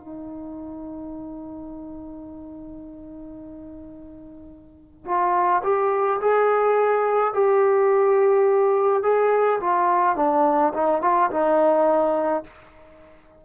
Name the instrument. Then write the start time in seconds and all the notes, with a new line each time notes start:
trombone
0.00 D#4
5.05 F4
5.63 G4
6.21 G#4
7.34 G4
9.03 G#4
9.60 F4
10.16 D4
10.73 D#4
11.02 F4
11.31 D#4